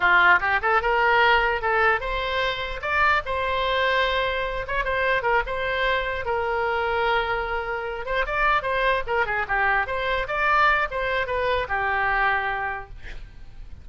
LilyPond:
\new Staff \with { instrumentName = "oboe" } { \time 4/4 \tempo 4 = 149 f'4 g'8 a'8 ais'2 | a'4 c''2 d''4 | c''2.~ c''8 cis''8 | c''4 ais'8 c''2 ais'8~ |
ais'1 | c''8 d''4 c''4 ais'8 gis'8 g'8~ | g'8 c''4 d''4. c''4 | b'4 g'2. | }